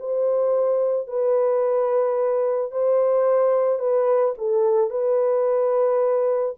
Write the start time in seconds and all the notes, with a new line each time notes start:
0.00 C5
1.08 B4
2.72 C5
3.80 B4
4.38 A4
4.91 B4